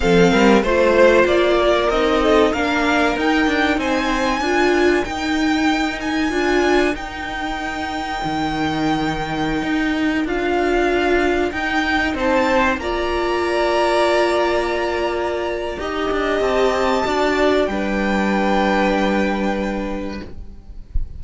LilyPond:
<<
  \new Staff \with { instrumentName = "violin" } { \time 4/4 \tempo 4 = 95 f''4 c''4 d''4 dis''4 | f''4 g''4 gis''2 | g''4. gis''4. g''4~ | g''1~ |
g''16 f''2 g''4 a''8.~ | a''16 ais''2.~ ais''8.~ | ais''2 a''2 | g''1 | }
  \new Staff \with { instrumentName = "violin" } { \time 4/4 a'8 ais'8 c''4. ais'4 a'8 | ais'2 c''4 ais'4~ | ais'1~ | ais'1~ |
ais'2.~ ais'16 c''8.~ | c''16 d''2.~ d''8.~ | d''4 dis''2 d''4 | b'1 | }
  \new Staff \with { instrumentName = "viola" } { \time 4/4 c'4 f'2 dis'4 | d'4 dis'2 f'4 | dis'2 f'4 dis'4~ | dis'1~ |
dis'16 f'2 dis'4.~ dis'16~ | dis'16 f'2.~ f'8.~ | f'4 g'2 fis'4 | d'1 | }
  \new Staff \with { instrumentName = "cello" } { \time 4/4 f8 g8 a4 ais4 c'4 | ais4 dis'8 d'8 c'4 d'4 | dis'2 d'4 dis'4~ | dis'4 dis2~ dis16 dis'8.~ |
dis'16 d'2 dis'4 c'8.~ | c'16 ais2.~ ais8.~ | ais4 dis'8 d'8 c'4 d'4 | g1 | }
>>